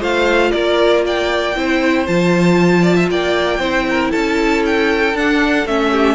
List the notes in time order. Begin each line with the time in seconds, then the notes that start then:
0.00 A3 F4 C5 F5
0.52 A#3 A#4 D5
1.06 D5 G5
1.56 C4 E4 C5
2.07 F3 F4 A5
2.83 D5
2.96 E5
3.10 A#3 D5 G5
3.60 C4 E4 C5
3.90 A#4
4.12 C#4 A4 A5
4.66 G5
5.14 D4 F#5
5.66 A3 C#4 E5
5.92 G4